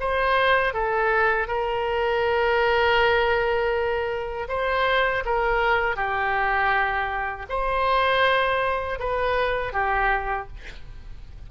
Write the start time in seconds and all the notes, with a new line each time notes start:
0.00 C5
0.74 A4
1.48 A#4
4.49 C5
5.25 A#4
5.96 G4
7.49 C5
9.00 B4
9.73 G4